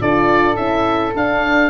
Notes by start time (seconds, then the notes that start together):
0.00 D4 F4 A4 D5
0.55 C#4 E4 E5
1.15 D4 F5